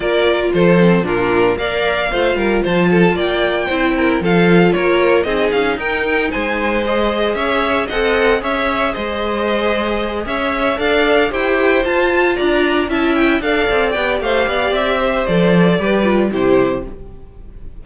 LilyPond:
<<
  \new Staff \with { instrumentName = "violin" } { \time 4/4 \tempo 4 = 114 d''4 c''4 ais'4 f''4~ | f''4 a''4 g''2 | f''4 cis''4 dis''8 f''8 g''4 | gis''4 dis''4 e''4 fis''4 |
e''4 dis''2~ dis''8 e''8~ | e''8 f''4 g''4 a''4 ais''8~ | ais''8 a''8 g''8 f''4 g''8 f''4 | e''4 d''2 c''4 | }
  \new Staff \with { instrumentName = "violin" } { \time 4/4 ais'4 a'4 f'4 d''4 | c''8 ais'8 c''8 a'8 d''4 c''8 ais'8 | a'4 ais'4 gis'4 ais'4 | c''2 cis''4 dis''4 |
cis''4 c''2~ c''8 cis''8~ | cis''8 d''4 c''2 d''8~ | d''8 e''4 d''4. c''8 d''8~ | d''8 c''4. b'4 g'4 | }
  \new Staff \with { instrumentName = "viola" } { \time 4/4 f'4. c'8 d'4 ais'4 | f'2. e'4 | f'2 dis'2~ | dis'4 gis'2 a'4 |
gis'1~ | gis'8 a'4 g'4 f'4.~ | f'8 e'4 a'4 g'4.~ | g'4 a'4 g'8 f'8 e'4 | }
  \new Staff \with { instrumentName = "cello" } { \time 4/4 ais4 f4 ais,4 ais4 | a8 g8 f4 ais4 c'4 | f4 ais4 c'8 cis'8 dis'4 | gis2 cis'4 c'4 |
cis'4 gis2~ gis8 cis'8~ | cis'8 d'4 e'4 f'4 d'8~ | d'8 cis'4 d'8 c'8 b8 a8 b8 | c'4 f4 g4 c4 | }
>>